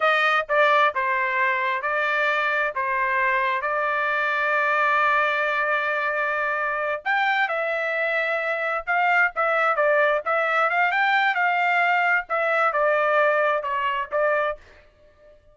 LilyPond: \new Staff \with { instrumentName = "trumpet" } { \time 4/4 \tempo 4 = 132 dis''4 d''4 c''2 | d''2 c''2 | d''1~ | d''2.~ d''8 g''8~ |
g''8 e''2. f''8~ | f''8 e''4 d''4 e''4 f''8 | g''4 f''2 e''4 | d''2 cis''4 d''4 | }